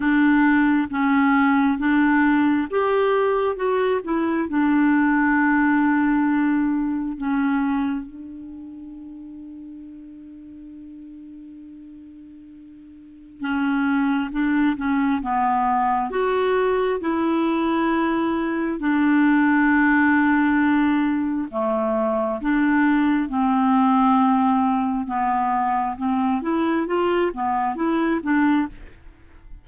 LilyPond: \new Staff \with { instrumentName = "clarinet" } { \time 4/4 \tempo 4 = 67 d'4 cis'4 d'4 g'4 | fis'8 e'8 d'2. | cis'4 d'2.~ | d'2. cis'4 |
d'8 cis'8 b4 fis'4 e'4~ | e'4 d'2. | a4 d'4 c'2 | b4 c'8 e'8 f'8 b8 e'8 d'8 | }